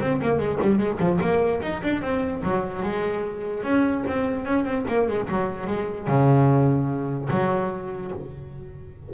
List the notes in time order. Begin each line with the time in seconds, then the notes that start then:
0.00 C4
0.22 A#3
0.38 G#3
0.61 G3
0.78 G#3
0.99 F3
1.21 A#3
1.61 D#4
1.83 D4
2.01 C4
2.43 F#3
2.82 G#3
3.63 C#4
4.07 C4
4.45 C#4
4.65 C4
4.88 A#3
5.08 G#3
5.28 F#3
5.67 G#3
6.07 C#3
7.30 F#3